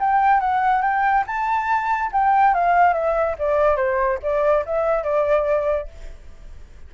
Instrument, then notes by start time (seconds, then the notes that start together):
flute
0.00 G5
0.41 F#5
0.82 G5
1.27 A5
2.13 G5
2.55 F5
2.94 E5
3.39 D5
3.77 C5
4.23 D5
4.66 E5
5.04 D5